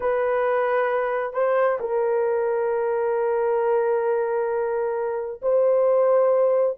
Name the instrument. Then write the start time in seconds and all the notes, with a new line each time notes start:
horn
0.00 B4
1.33 C5
1.80 A#4
5.42 C5